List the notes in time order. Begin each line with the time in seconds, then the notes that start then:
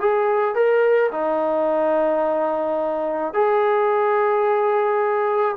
0.00 G#4
0.55 A#4
1.12 D#4
3.34 G#4